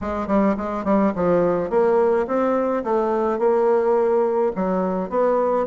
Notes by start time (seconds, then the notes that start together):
0.01 G#3
0.27 G3
0.57 G#3
0.84 G3
1.15 F3
1.70 A#3
2.27 C4
2.84 A3
3.39 A#3
4.55 F#3
5.09 B3